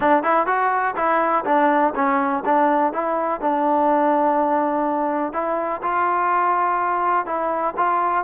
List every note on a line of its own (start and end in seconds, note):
0.00 0.23 D4
0.23 0.46 E4
0.46 0.95 F#4
0.96 1.44 E4
1.45 1.93 D4
1.95 2.43 C#4
2.45 2.92 D4
2.92 3.40 E4
3.40 5.32 D4
5.32 5.81 E4
5.82 7.25 F4
7.25 7.74 E4
7.77 8.24 F4